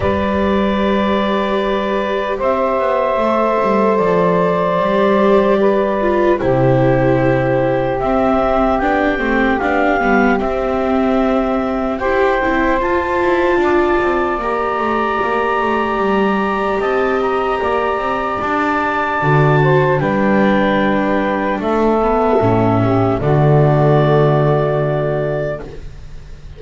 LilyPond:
<<
  \new Staff \with { instrumentName = "clarinet" } { \time 4/4 \tempo 4 = 75 d''2. e''4~ | e''4 d''2. | c''2 e''4 g''4 | f''4 e''2 g''4 |
a''2 ais''2~ | ais''4 a''8 ais''4. a''4~ | a''4 g''2 e''4~ | e''4 d''2. | }
  \new Staff \with { instrumentName = "saxophone" } { \time 4/4 b'2. c''4~ | c''2. b'4 | g'1~ | g'2. c''4~ |
c''4 d''2.~ | d''4 dis''4 d''2~ | d''8 c''8 b'2 a'4~ | a'8 g'8 fis'2. | }
  \new Staff \with { instrumentName = "viola" } { \time 4/4 g'1 | a'2 g'4. f'8 | e'2 c'4 d'8 c'8 | d'8 b8 c'2 g'8 e'8 |
f'2 g'2~ | g'1 | fis'4 d'2~ d'8 b8 | cis'4 a2. | }
  \new Staff \with { instrumentName = "double bass" } { \time 4/4 g2. c'8 b8 | a8 g8 f4 g2 | c2 c'4 b8 a8 | b8 g8 c'2 e'8 c'8 |
f'8 e'8 d'8 c'8 ais8 a8 ais8 a8 | g4 c'4 ais8 c'8 d'4 | d4 g2 a4 | a,4 d2. | }
>>